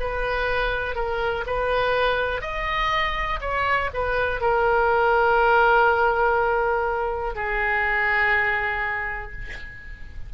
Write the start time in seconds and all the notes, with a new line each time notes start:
0.00 B4
0.95 A#4
1.46 B4
2.41 D#5
3.41 C#5
3.93 B4
4.41 A#4
7.35 G#4